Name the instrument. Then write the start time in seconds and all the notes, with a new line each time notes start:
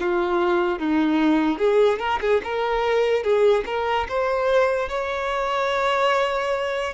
violin
0.00 F4
0.79 D#4
1.58 G#4
1.99 A#4
2.21 G#4
2.44 A#4
3.24 G#4
3.66 A#4
4.09 C5
4.89 C#5